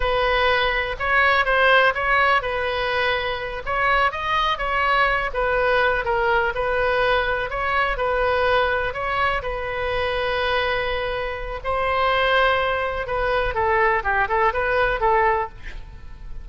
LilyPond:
\new Staff \with { instrumentName = "oboe" } { \time 4/4 \tempo 4 = 124 b'2 cis''4 c''4 | cis''4 b'2~ b'8 cis''8~ | cis''8 dis''4 cis''4. b'4~ | b'8 ais'4 b'2 cis''8~ |
cis''8 b'2 cis''4 b'8~ | b'1 | c''2. b'4 | a'4 g'8 a'8 b'4 a'4 | }